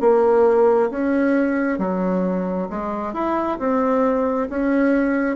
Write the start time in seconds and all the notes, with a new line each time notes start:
0.00 A#3
0.90 C#4
1.78 F#3
2.70 G#3
3.13 E4
3.59 C4
4.49 C#4